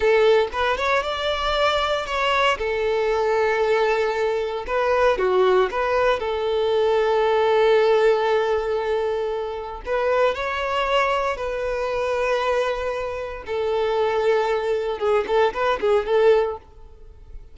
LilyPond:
\new Staff \with { instrumentName = "violin" } { \time 4/4 \tempo 4 = 116 a'4 b'8 cis''8 d''2 | cis''4 a'2.~ | a'4 b'4 fis'4 b'4 | a'1~ |
a'2. b'4 | cis''2 b'2~ | b'2 a'2~ | a'4 gis'8 a'8 b'8 gis'8 a'4 | }